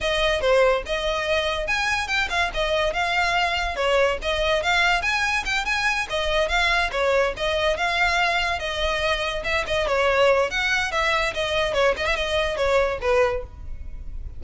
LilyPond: \new Staff \with { instrumentName = "violin" } { \time 4/4 \tempo 4 = 143 dis''4 c''4 dis''2 | gis''4 g''8 f''8 dis''4 f''4~ | f''4 cis''4 dis''4 f''4 | gis''4 g''8 gis''4 dis''4 f''8~ |
f''8 cis''4 dis''4 f''4.~ | f''8 dis''2 e''8 dis''8 cis''8~ | cis''4 fis''4 e''4 dis''4 | cis''8 dis''16 e''16 dis''4 cis''4 b'4 | }